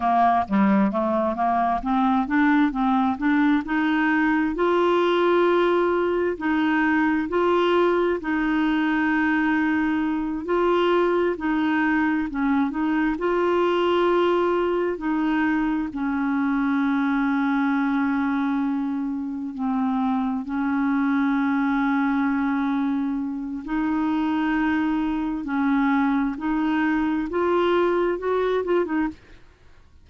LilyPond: \new Staff \with { instrumentName = "clarinet" } { \time 4/4 \tempo 4 = 66 ais8 g8 a8 ais8 c'8 d'8 c'8 d'8 | dis'4 f'2 dis'4 | f'4 dis'2~ dis'8 f'8~ | f'8 dis'4 cis'8 dis'8 f'4.~ |
f'8 dis'4 cis'2~ cis'8~ | cis'4. c'4 cis'4.~ | cis'2 dis'2 | cis'4 dis'4 f'4 fis'8 f'16 dis'16 | }